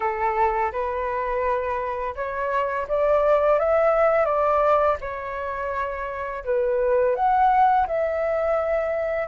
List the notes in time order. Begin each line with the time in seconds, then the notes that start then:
0.00 A4
0.71 B4
2.15 C#5
2.88 D5
3.59 E5
4.25 D5
5.01 C#5
6.44 B4
7.15 F#5
7.87 E5